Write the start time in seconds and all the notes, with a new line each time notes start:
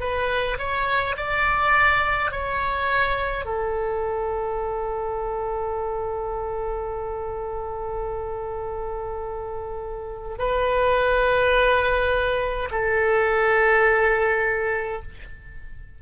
0.00 B4
0.58 C#5
1.16 D5
2.31 C#5
3.45 A4
10.38 B4
12.71 A4